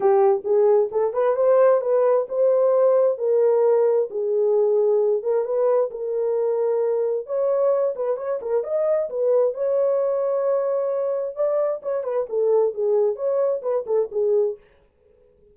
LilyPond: \new Staff \with { instrumentName = "horn" } { \time 4/4 \tempo 4 = 132 g'4 gis'4 a'8 b'8 c''4 | b'4 c''2 ais'4~ | ais'4 gis'2~ gis'8 ais'8 | b'4 ais'2. |
cis''4. b'8 cis''8 ais'8 dis''4 | b'4 cis''2.~ | cis''4 d''4 cis''8 b'8 a'4 | gis'4 cis''4 b'8 a'8 gis'4 | }